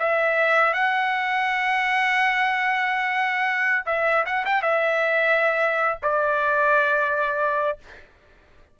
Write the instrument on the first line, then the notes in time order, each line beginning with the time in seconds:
trumpet
0.00 E5
0.74 F#5
3.86 E5
4.26 F#5
4.46 G5
4.63 E5
6.03 D5